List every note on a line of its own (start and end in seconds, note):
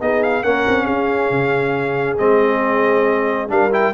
0.00 0.44 B3
0.00 0.43 D#4
0.00 0.44 G#4
0.00 0.22 D#5
0.22 0.43 F5
0.43 0.66 A#3
0.43 2.18 C#4
0.43 0.84 A#4
0.43 0.85 F#5
0.67 0.88 C4
0.84 1.30 C#4
0.84 3.47 G#4
0.84 2.17 F5
1.30 2.18 C#3
2.18 3.50 G#3
2.18 3.48 C4
2.18 3.49 D#5
3.48 3.93 G3
3.48 3.70 D4
3.48 3.93 A#4
3.48 3.72 F5
3.71 3.93 E4
3.71 3.93 G5